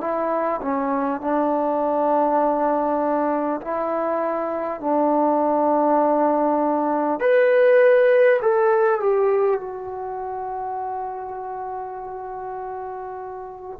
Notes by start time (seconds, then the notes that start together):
0.00 E4
0.61 C#4
1.20 D4
3.61 E4
4.80 D4
7.20 B4
8.41 A4
8.99 G4
9.60 F#4